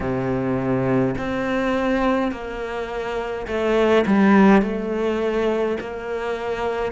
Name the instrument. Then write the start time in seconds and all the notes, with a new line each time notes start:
cello
0.00 C3
1.17 C4
2.31 A#3
3.47 A3
4.06 G3
4.62 A3
5.80 A#3